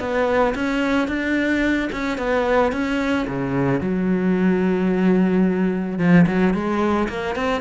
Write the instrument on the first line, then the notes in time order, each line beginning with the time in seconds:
cello
0.00 B3
0.55 C#4
1.08 D4
1.92 C#4
2.18 B3
2.72 C#4
3.28 C#3
3.81 F#3
5.99 F3
6.27 F#3
6.54 G#3
7.09 A#3
7.36 C4